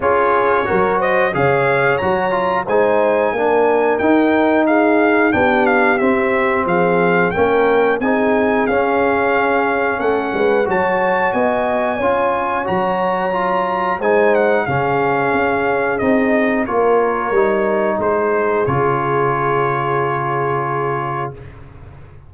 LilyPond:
<<
  \new Staff \with { instrumentName = "trumpet" } { \time 4/4 \tempo 4 = 90 cis''4. dis''8 f''4 ais''4 | gis''2 g''4 f''4 | g''8 f''8 e''4 f''4 g''4 | gis''4 f''2 fis''4 |
a''4 gis''2 ais''4~ | ais''4 gis''8 fis''8 f''2 | dis''4 cis''2 c''4 | cis''1 | }
  \new Staff \with { instrumentName = "horn" } { \time 4/4 gis'4 ais'8 c''8 cis''2 | c''4 ais'2 gis'4 | g'2 gis'4 ais'4 | gis'2. a'8 b'8 |
cis''4 dis''4 cis''2~ | cis''4 c''4 gis'2~ | gis'4 ais'2 gis'4~ | gis'1 | }
  \new Staff \with { instrumentName = "trombone" } { \time 4/4 f'4 fis'4 gis'4 fis'8 f'8 | dis'4 d'4 dis'2 | d'4 c'2 cis'4 | dis'4 cis'2. |
fis'2 f'4 fis'4 | f'4 dis'4 cis'2 | dis'4 f'4 dis'2 | f'1 | }
  \new Staff \with { instrumentName = "tuba" } { \time 4/4 cis'4 fis4 cis4 fis4 | gis4 ais4 dis'2 | b4 c'4 f4 ais4 | c'4 cis'2 a8 gis8 |
fis4 b4 cis'4 fis4~ | fis4 gis4 cis4 cis'4 | c'4 ais4 g4 gis4 | cis1 | }
>>